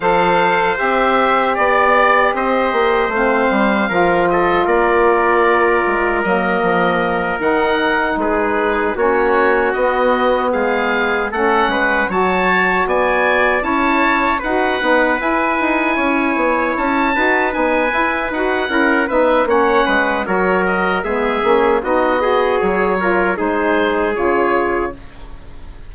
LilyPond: <<
  \new Staff \with { instrumentName = "oboe" } { \time 4/4 \tempo 4 = 77 f''4 e''4 d''4 dis''4 | f''4. dis''8 d''2 | dis''4. fis''4 b'4 cis''8~ | cis''8 dis''4 f''4 fis''4 a''8~ |
a''8 gis''4 a''4 fis''4 gis''8~ | gis''4. a''4 gis''4 fis''8~ | fis''8 e''8 fis''4 cis''8 dis''8 e''4 | dis''4 cis''4 c''4 cis''4 | }
  \new Staff \with { instrumentName = "trumpet" } { \time 4/4 c''2 d''4 c''4~ | c''4 ais'8 a'8 ais'2~ | ais'2~ ais'8 gis'4 fis'8~ | fis'4. gis'4 a'8 b'8 cis''8~ |
cis''8 d''4 cis''4 b'4.~ | b'8 cis''4. b'2 | ais'8 b'8 cis''8 b'8 ais'4 gis'4 | fis'8 gis'4 ais'8 gis'2 | }
  \new Staff \with { instrumentName = "saxophone" } { \time 4/4 a'4 g'2. | c'4 f'2. | ais4. dis'2 cis'8~ | cis'8 b2 cis'4 fis'8~ |
fis'4. e'4 fis'8 dis'8 e'8~ | e'2 fis'8 dis'8 e'8 fis'8 | e'8 dis'8 cis'4 fis'4 b8 cis'8 | dis'8 fis'4 f'8 dis'4 f'4 | }
  \new Staff \with { instrumentName = "bassoon" } { \time 4/4 f4 c'4 b4 c'8 ais8 | a8 g8 f4 ais4. gis8 | fis8 f4 dis4 gis4 ais8~ | ais8 b4 gis4 a8 gis8 fis8~ |
fis8 b4 cis'4 dis'8 b8 e'8 | dis'8 cis'8 b8 cis'8 dis'8 b8 e'8 dis'8 | cis'8 b8 ais8 gis8 fis4 gis8 ais8 | b4 fis4 gis4 cis4 | }
>>